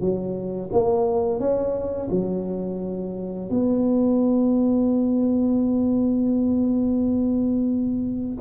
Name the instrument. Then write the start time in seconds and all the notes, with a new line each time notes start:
tuba
0.00 F#3
0.72 A#3
1.39 C#4
2.10 F#3
3.49 B3